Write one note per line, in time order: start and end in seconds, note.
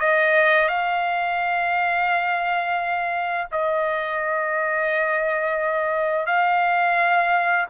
0.00 0.68 D#5
0.68 3.47 F5
3.51 6.26 D#5
6.26 7.66 F5